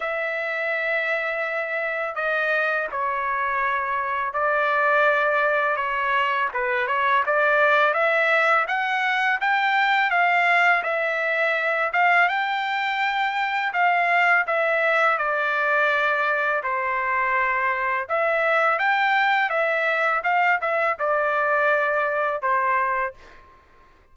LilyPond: \new Staff \with { instrumentName = "trumpet" } { \time 4/4 \tempo 4 = 83 e''2. dis''4 | cis''2 d''2 | cis''4 b'8 cis''8 d''4 e''4 | fis''4 g''4 f''4 e''4~ |
e''8 f''8 g''2 f''4 | e''4 d''2 c''4~ | c''4 e''4 g''4 e''4 | f''8 e''8 d''2 c''4 | }